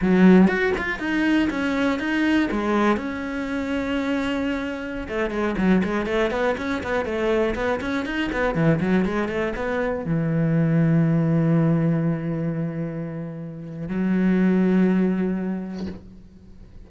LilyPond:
\new Staff \with { instrumentName = "cello" } { \time 4/4 \tempo 4 = 121 fis4 fis'8 f'8 dis'4 cis'4 | dis'4 gis4 cis'2~ | cis'2~ cis'16 a8 gis8 fis8 gis16~ | gis16 a8 b8 cis'8 b8 a4 b8 cis'16~ |
cis'16 dis'8 b8 e8 fis8 gis8 a8 b8.~ | b16 e2.~ e8.~ | e1 | fis1 | }